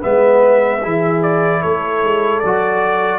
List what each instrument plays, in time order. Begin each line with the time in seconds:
0.00 tuba G#3, trombone B3, horn B4, trumpet E5
0.81 tuba E3, trombone E4, horn G#4
1.23 trumpet D5
1.62 tuba A3, horn A4, trumpet C#5
2.03 tuba G#3
2.40 tuba F#3, trombone F#4, trumpet D5